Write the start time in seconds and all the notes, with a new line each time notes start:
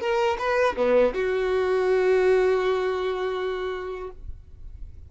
0.00 A#4
0.38 B4
0.76 B3
1.14 F#4